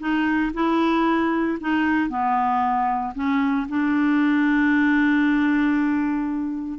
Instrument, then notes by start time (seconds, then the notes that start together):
clarinet
0.00 D#4
0.54 E4
1.61 D#4
2.10 B3
3.15 C#4
3.69 D4